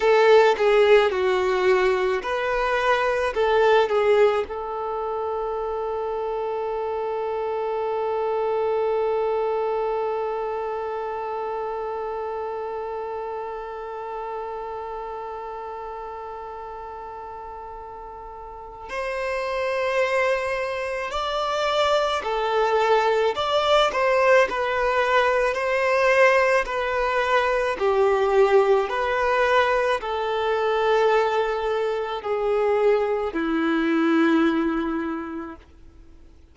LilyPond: \new Staff \with { instrumentName = "violin" } { \time 4/4 \tempo 4 = 54 a'8 gis'8 fis'4 b'4 a'8 gis'8 | a'1~ | a'1~ | a'1~ |
a'4 c''2 d''4 | a'4 d''8 c''8 b'4 c''4 | b'4 g'4 b'4 a'4~ | a'4 gis'4 e'2 | }